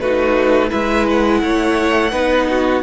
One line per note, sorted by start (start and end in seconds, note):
0.00 0.71 A3
0.00 0.69 D#4
0.00 0.69 F#4
0.00 0.71 B4
0.69 1.42 G#3
0.69 2.10 E4
0.69 1.40 B4
0.69 1.06 E5
1.10 2.83 F#5
1.42 2.12 A3
1.42 2.11 C#5
2.11 2.83 B3
2.11 2.83 D#4
2.11 2.47 B4
2.50 2.83 F#4